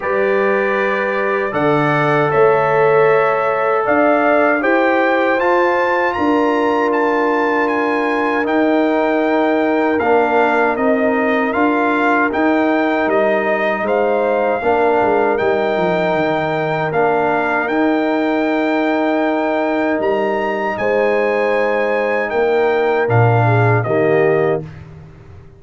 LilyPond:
<<
  \new Staff \with { instrumentName = "trumpet" } { \time 4/4 \tempo 4 = 78 d''2 fis''4 e''4~ | e''4 f''4 g''4 a''4 | ais''4 a''4 gis''4 g''4~ | g''4 f''4 dis''4 f''4 |
g''4 dis''4 f''2 | g''2 f''4 g''4~ | g''2 ais''4 gis''4~ | gis''4 g''4 f''4 dis''4 | }
  \new Staff \with { instrumentName = "horn" } { \time 4/4 b'2 d''4 cis''4~ | cis''4 d''4 c''2 | ais'1~ | ais'1~ |
ais'2 c''4 ais'4~ | ais'1~ | ais'2. c''4~ | c''4 ais'4. gis'8 g'4 | }
  \new Staff \with { instrumentName = "trombone" } { \time 4/4 g'2 a'2~ | a'2 g'4 f'4~ | f'2. dis'4~ | dis'4 d'4 dis'4 f'4 |
dis'2. d'4 | dis'2 d'4 dis'4~ | dis'1~ | dis'2 d'4 ais4 | }
  \new Staff \with { instrumentName = "tuba" } { \time 4/4 g2 d4 a4~ | a4 d'4 e'4 f'4 | d'2. dis'4~ | dis'4 ais4 c'4 d'4 |
dis'4 g4 gis4 ais8 gis8 | g8 f8 dis4 ais4 dis'4~ | dis'2 g4 gis4~ | gis4 ais4 ais,4 dis4 | }
>>